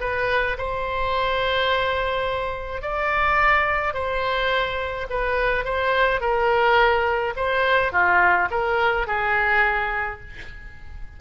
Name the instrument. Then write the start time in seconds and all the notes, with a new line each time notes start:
oboe
0.00 B4
0.57 C5
2.81 D5
3.93 C5
5.10 B4
5.64 C5
6.20 A#4
7.36 C5
7.92 F4
8.50 A#4
9.07 G#4